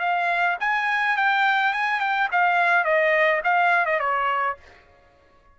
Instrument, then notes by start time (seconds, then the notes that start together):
trumpet
0.00 F5
0.61 G#5
1.17 G5
1.74 G#5
2.00 G5
2.32 F5
2.85 D#5
3.45 F5
3.86 D#5
4.00 C#5